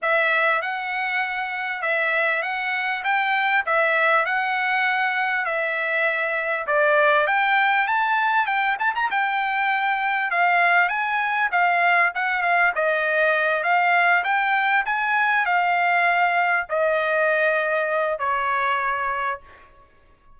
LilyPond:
\new Staff \with { instrumentName = "trumpet" } { \time 4/4 \tempo 4 = 99 e''4 fis''2 e''4 | fis''4 g''4 e''4 fis''4~ | fis''4 e''2 d''4 | g''4 a''4 g''8 a''16 ais''16 g''4~ |
g''4 f''4 gis''4 f''4 | fis''8 f''8 dis''4. f''4 g''8~ | g''8 gis''4 f''2 dis''8~ | dis''2 cis''2 | }